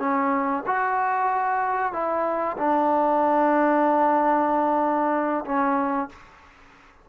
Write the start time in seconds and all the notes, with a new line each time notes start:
0.00 C#4
0.67 F#4
1.93 E4
2.58 D4
5.45 C#4